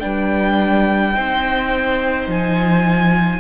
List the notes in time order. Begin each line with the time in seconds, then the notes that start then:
0.00 G3 D4 B4 G5
1.14 C4 D#4 C5
2.27 F3 G#5